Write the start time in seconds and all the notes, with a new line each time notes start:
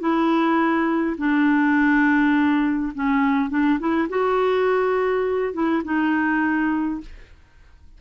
0.00 E4
1.18 D4
2.95 C#4
3.50 D4
3.79 E4
4.09 F#4
5.54 E4
5.84 D#4